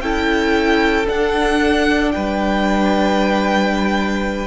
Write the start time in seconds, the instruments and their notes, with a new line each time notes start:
0.00 cello C#4, viola E4, violin A4 G5
1.06 viola D4, cello D4, violin F#5
2.12 cello G3, violin B4 G5